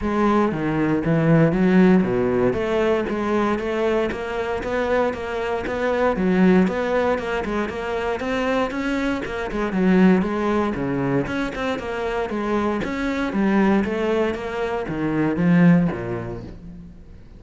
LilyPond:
\new Staff \with { instrumentName = "cello" } { \time 4/4 \tempo 4 = 117 gis4 dis4 e4 fis4 | b,4 a4 gis4 a4 | ais4 b4 ais4 b4 | fis4 b4 ais8 gis8 ais4 |
c'4 cis'4 ais8 gis8 fis4 | gis4 cis4 cis'8 c'8 ais4 | gis4 cis'4 g4 a4 | ais4 dis4 f4 ais,4 | }